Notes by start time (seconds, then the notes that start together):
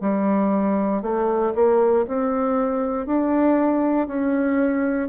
0.00 G3
1.02 A3
1.54 A#3
2.07 C4
3.06 D4
4.07 C#4